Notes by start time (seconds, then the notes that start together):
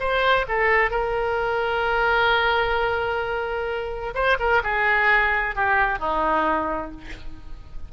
0.00 C5
0.48 A4
0.91 A#4
4.15 C5
4.40 A#4
4.64 G#4
5.56 G4
5.99 D#4